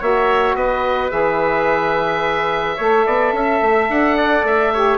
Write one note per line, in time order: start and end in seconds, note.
0.00 0.55 A#3
0.00 1.10 F#4
0.00 0.56 C#5
0.00 0.56 E5
0.55 1.11 B3
0.55 2.77 B4
0.55 1.11 D#5
1.10 2.79 E3
1.10 2.77 G#4
1.10 3.89 E5
2.77 3.07 A3
2.77 4.74 A4
2.77 3.05 C#5
3.06 3.33 B3
3.06 3.34 D5
3.33 3.61 C#4
3.33 4.17 E5
3.62 3.90 A3
3.90 4.44 D4
3.90 4.46 F#5
4.17 4.73 D5
4.44 4.99 A3
4.44 4.99 E5
4.74 4.99 G4
4.74 4.99 C#5